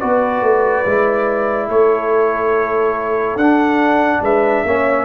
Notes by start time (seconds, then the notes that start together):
0.00 B3 F#4 B4 D5
0.42 A3
0.86 G#3 E4
1.68 A3 A4 C#5
3.36 D4 F#5
3.42 D4
4.21 G#3 B4 E5
4.65 A#3 C#4 C#5